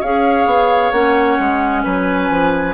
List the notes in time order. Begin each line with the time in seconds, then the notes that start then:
0.00 C#4 G#4 C#5 F5
0.45 B3
0.91 A#3 C#4 F#5
1.39 G#3
1.83 F#3 B4 G#5
2.30 F3